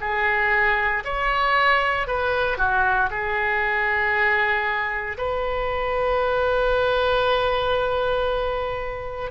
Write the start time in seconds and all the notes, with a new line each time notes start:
0.00 G#4
1.04 C#5
2.07 B4
2.58 F#4
3.10 G#4
5.17 B4